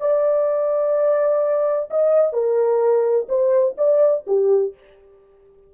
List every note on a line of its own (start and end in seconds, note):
0.00 1.89 D5
1.90 2.33 D#5
2.33 3.27 A#4
3.29 3.76 C5
3.78 4.25 D5
4.26 4.74 G4